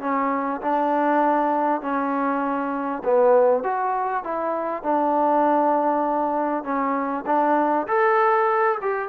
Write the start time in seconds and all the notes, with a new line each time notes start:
0.00 C#4
0.61 D4
1.81 C#4
3.04 B3
3.63 F#4
4.23 E4
4.83 D4
6.64 C#4
7.26 D4
7.87 A4
8.81 G4